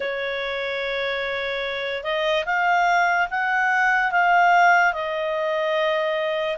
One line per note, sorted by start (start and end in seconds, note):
0.00 2.03 C#5
2.03 2.44 D#5
2.45 3.28 F5
3.30 4.11 F#5
4.11 4.93 F5
4.93 6.58 D#5